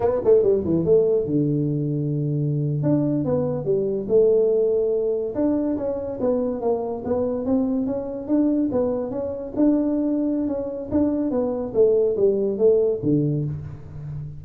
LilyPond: \new Staff \with { instrumentName = "tuba" } { \time 4/4 \tempo 4 = 143 b8 a8 g8 e8 a4 d4~ | d2~ d8. d'4 b16~ | b8. g4 a2~ a16~ | a8. d'4 cis'4 b4 ais16~ |
ais8. b4 c'4 cis'4 d'16~ | d'8. b4 cis'4 d'4~ d'16~ | d'4 cis'4 d'4 b4 | a4 g4 a4 d4 | }